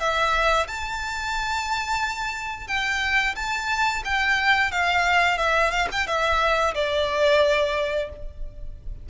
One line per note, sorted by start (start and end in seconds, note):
0.00 0.67 E5
0.68 2.68 A5
2.68 3.35 G5
3.36 4.03 A5
4.05 4.72 G5
4.72 5.38 F5
5.38 5.71 E5
5.71 5.88 F5
5.92 6.07 G5
6.07 6.74 E5
6.75 8.10 D5